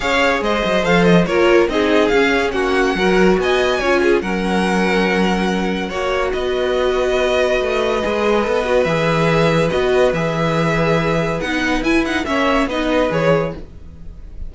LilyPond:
<<
  \new Staff \with { instrumentName = "violin" } { \time 4/4 \tempo 4 = 142 f''4 dis''4 f''8 dis''8 cis''4 | dis''4 f''4 fis''2 | gis''2 fis''2~ | fis''2. dis''4~ |
dis''1~ | dis''4 e''2 dis''4 | e''2. fis''4 | gis''8 fis''8 e''4 dis''4 cis''4 | }
  \new Staff \with { instrumentName = "violin" } { \time 4/4 cis''4 c''2 ais'4 | gis'2 fis'4 ais'4 | dis''4 cis''8 gis'8 ais'2~ | ais'2 cis''4 b'4~ |
b'1~ | b'1~ | b'1~ | b'4 cis''4 b'2 | }
  \new Staff \with { instrumentName = "viola" } { \time 4/4 gis'2 a'4 f'4 | dis'4 cis'2 fis'4~ | fis'4 f'4 cis'2~ | cis'2 fis'2~ |
fis'2. gis'4 | a'8 fis'8 gis'2 fis'4 | gis'2. dis'4 | e'8 dis'8 cis'4 dis'4 gis'4 | }
  \new Staff \with { instrumentName = "cello" } { \time 4/4 cis'4 gis8 fis8 f4 ais4 | c'4 cis'4 ais4 fis4 | b4 cis'4 fis2~ | fis2 ais4 b4~ |
b2 a4 gis4 | b4 e2 b4 | e2. b4 | e'4 ais4 b4 e4 | }
>>